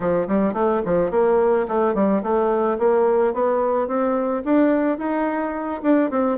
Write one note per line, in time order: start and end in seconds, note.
0.00 0.27 F3
0.27 0.53 G3
0.53 0.81 A3
0.85 1.11 F3
1.11 1.66 A#3
1.67 1.94 A3
1.94 2.22 G3
2.22 2.78 A3
2.78 3.33 A#3
3.33 3.87 B3
3.87 4.43 C4
4.44 4.98 D4
4.98 5.81 D#4
5.82 6.10 D4
6.10 6.38 C4